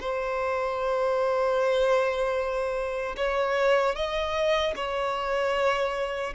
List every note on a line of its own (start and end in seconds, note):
0.00 3.16 C5
3.16 3.95 C#5
3.95 4.74 D#5
4.76 6.34 C#5